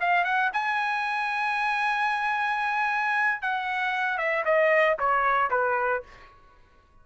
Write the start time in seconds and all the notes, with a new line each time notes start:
0.00 F5
0.24 F#5
0.53 G#5
3.41 F#5
4.18 E5
4.44 D#5
4.99 C#5
5.50 B4